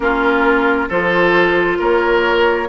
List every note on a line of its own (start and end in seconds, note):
0.00 0.88 A#3
0.00 0.89 C#4
0.00 0.88 F4
0.00 0.88 A#4
0.88 1.79 F3
0.88 2.68 F4
0.88 1.78 A4
0.88 1.80 C5
1.78 2.68 A#3
1.78 2.68 A#4
1.78 2.68 C#5